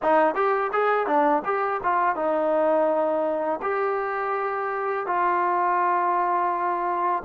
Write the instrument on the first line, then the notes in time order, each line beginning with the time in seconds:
trombone
0.02 D#4
0.35 G4
0.72 G#4
1.06 D4
1.45 G4
1.83 F4
2.15 D#4
3.61 G4
5.06 F4